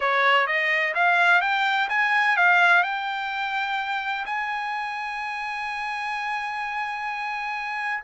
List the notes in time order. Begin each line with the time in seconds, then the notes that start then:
0.00 C#5
0.46 D#5
0.94 F5
1.41 G5
1.89 G#5
2.36 F5
2.83 G5
4.25 G#5